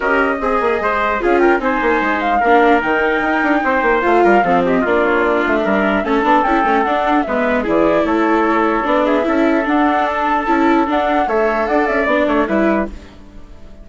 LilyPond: <<
  \new Staff \with { instrumentName = "flute" } { \time 4/4 \tempo 4 = 149 dis''2. f''8 g''8 | gis''4. f''4. g''4~ | g''2 f''4. dis''8 | d''8 cis''8 d''8 e''4. a''4 |
g''4 fis''4 e''4 d''4 | cis''2 d''8 e''4. | fis''4 a''2 fis''4 | e''4 fis''8 e''8 d''4 e''4 | }
  \new Staff \with { instrumentName = "trumpet" } { \time 4/4 ais'4 gis'4 c''4 gis'8 ais'8 | c''2 ais'2~ | ais'4 c''4. ais'8 a'8 g'8 | f'2 ais'4 a'4~ |
a'2 b'4 gis'4 | a'2~ a'8 gis'8 a'4~ | a'1 | cis''4 d''4. cis''8 b'4 | }
  \new Staff \with { instrumentName = "viola" } { \time 4/4 g'4 gis'2 f'4 | dis'2 d'4 dis'4~ | dis'2 f'4 c'4 | d'2. cis'8 d'8 |
e'8 cis'8 d'4 b4 e'4~ | e'2 d'4 e'4 | d'2 e'4 d'4 | a'2 d'4 e'4 | }
  \new Staff \with { instrumentName = "bassoon" } { \time 4/4 cis'4 c'8 ais8 gis4 cis'4 | c'8 ais8 gis4 ais4 dis4 | dis'8 d'8 c'8 ais8 a8 g8 f4 | ais4. a8 g4 a8 b8 |
cis'8 a8 d'4 gis4 e4 | a2 b4 cis'4 | d'2 cis'4 d'4 | a4 d'8 cis'8 b8 a8 g4 | }
>>